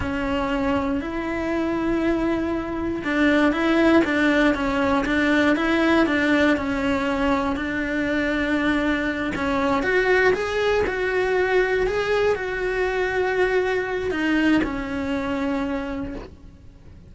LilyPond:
\new Staff \with { instrumentName = "cello" } { \time 4/4 \tempo 4 = 119 cis'2 e'2~ | e'2 d'4 e'4 | d'4 cis'4 d'4 e'4 | d'4 cis'2 d'4~ |
d'2~ d'8 cis'4 fis'8~ | fis'8 gis'4 fis'2 gis'8~ | gis'8 fis'2.~ fis'8 | dis'4 cis'2. | }